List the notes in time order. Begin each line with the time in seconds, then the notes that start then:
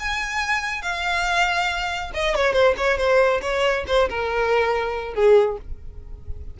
0.00 G#5
0.82 F5
2.14 D#5
2.36 C#5
2.53 C5
2.77 C#5
2.98 C5
3.42 C#5
3.88 C5
4.09 A#4
5.15 G#4